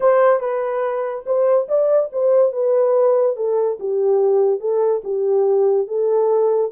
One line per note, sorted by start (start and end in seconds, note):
0.00 0.40 C5
0.40 1.24 B4
1.26 1.68 C5
1.68 2.10 D5
2.12 2.52 C5
2.52 3.36 B4
3.36 3.78 A4
3.79 4.60 G4
4.60 5.02 A4
5.04 5.87 G4
5.87 6.71 A4